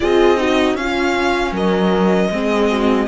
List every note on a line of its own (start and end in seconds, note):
0.00 0.75 C4
0.00 0.37 F4
0.00 0.40 G#4
0.00 0.76 D#5
0.37 0.75 D#4
0.37 0.78 F#4
0.75 1.51 C#4
0.75 2.29 C#4
0.75 1.53 F4
0.75 1.53 F5
1.52 2.29 F#3
1.52 2.30 A#4
1.52 3.07 D#5
2.30 3.07 G#3
2.30 3.07 C4
2.30 2.69 G#4
2.69 3.07 F#4